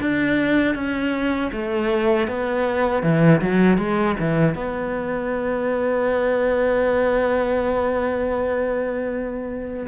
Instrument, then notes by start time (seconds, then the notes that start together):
cello
0.00 D4
0.75 C#4
1.52 A3
2.28 B3
3.03 E3
3.41 F#3
3.78 G#3
4.19 E3
4.55 B3